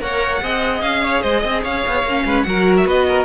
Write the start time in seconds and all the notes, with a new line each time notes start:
0.00 A#3 A#4 C#5 F#5
0.42 C4 G#4 D#5
0.81 C#4 F5
1.03 C#5
1.22 G#3 C5 D#5
1.40 C4 D#5
1.63 C#4 C#5 F5
1.87 B3
2.03 A#3 C#4
2.25 G#3 B4
2.43 F#3 F#4 A#4 F#5
2.77 E5
2.85 B3 B4 D#5
3.08 A#4